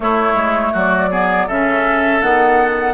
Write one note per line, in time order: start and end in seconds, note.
0.00 0.34 A3
0.00 1.10 A3
0.00 0.72 E4
0.00 0.75 C#5
0.34 0.71 G#3
0.72 1.48 F#3
0.72 1.09 F#4
0.72 1.48 D5
1.10 1.48 B3
1.10 1.47 G#4
1.47 2.21 C#3
1.47 2.21 C#4
1.47 2.94 A4
1.47 2.22 E5
2.21 2.94 D#3
2.21 2.94 B3
2.21 2.94 F#5